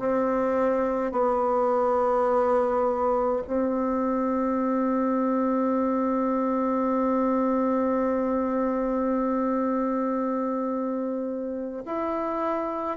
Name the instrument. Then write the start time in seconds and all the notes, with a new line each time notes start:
bassoon
0.00 C4
1.12 B3
3.47 C4
11.85 E4